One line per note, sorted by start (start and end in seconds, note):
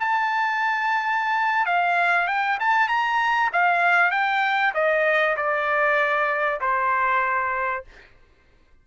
0.00 1.66 A5
1.66 2.27 F5
2.27 2.58 G5
2.60 2.88 A5
2.88 3.50 A#5
3.53 4.11 F5
4.11 4.73 G5
4.74 5.36 D#5
5.36 6.60 D5
6.60 7.84 C5